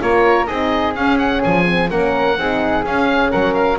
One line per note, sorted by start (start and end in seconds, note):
0.00 0.48 A#3
0.00 0.47 F4
0.00 0.48 A#4
0.00 0.46 C#5
0.46 0.96 C4
0.46 0.95 D#4
0.46 1.89 G#4
0.46 0.93 D#5
0.95 1.65 C#4
0.95 1.43 C#4
0.95 1.18 F5
1.18 1.41 F#5
1.44 1.90 F3
1.44 1.90 G#5
1.65 1.88 C4
1.89 2.37 A#3
1.89 2.37 C#4
1.89 2.37 A#4
1.89 2.85 F#5
2.37 2.84 C4
2.37 2.85 D#4
2.37 3.31 G#4
2.85 3.32 C#4
2.85 3.78 C#4
2.85 3.31 F5
3.31 3.78 F#3
3.31 3.78 A#4
3.31 3.53 F#5
3.53 3.77 F5